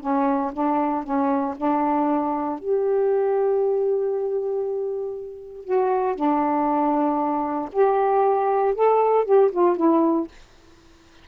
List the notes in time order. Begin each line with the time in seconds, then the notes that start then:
0.00 C#4
0.52 D4
1.03 C#4
1.56 D4
2.59 G4
5.64 F#4
6.15 D4
7.72 G4
8.74 A4
9.24 G4
9.51 F4
9.76 E4